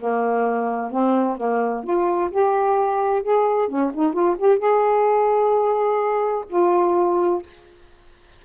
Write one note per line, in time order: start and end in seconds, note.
0.00 0.91 A#3
0.91 1.37 C4
1.37 1.84 A#3
1.84 2.31 F4
2.31 3.23 G4
3.23 3.68 G#4
3.68 3.92 C#4
3.94 4.13 D#4
4.13 4.37 F4
4.39 4.59 G4
4.59 6.45 G#4
6.49 7.42 F4